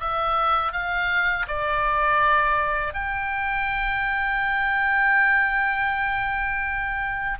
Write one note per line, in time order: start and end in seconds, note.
0.00 0.72 E5
0.72 1.46 F5
1.47 2.94 D5
2.94 7.38 G5